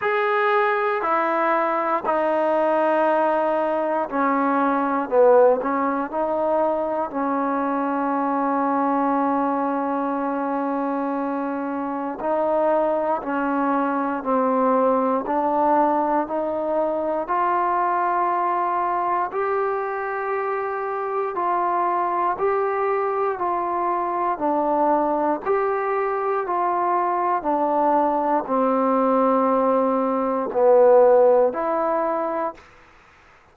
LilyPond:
\new Staff \with { instrumentName = "trombone" } { \time 4/4 \tempo 4 = 59 gis'4 e'4 dis'2 | cis'4 b8 cis'8 dis'4 cis'4~ | cis'1 | dis'4 cis'4 c'4 d'4 |
dis'4 f'2 g'4~ | g'4 f'4 g'4 f'4 | d'4 g'4 f'4 d'4 | c'2 b4 e'4 | }